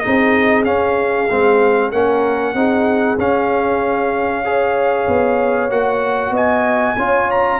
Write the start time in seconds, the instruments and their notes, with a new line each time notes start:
0.00 trombone D#4, horn G#4, trumpet D#5
0.07 tuba C4
0.65 trombone C#4, tuba C#4, trumpet F5
1.31 tuba G#3, trombone C4
1.91 tuba A#3, trombone C#4, horn A#4, trumpet F#5
2.54 tuba C4, trombone D#4, horn G#4
3.18 tuba C#4, trombone C#4, trumpet F5
4.45 trombone G#4, horn C#5
5.08 tuba B3
5.70 tuba A#3, trombone F#4, trumpet F#5
6.31 tuba B3, horn D#5, trumpet G#5
6.97 tuba C#4, trombone F4, horn C#5
7.31 trumpet A#5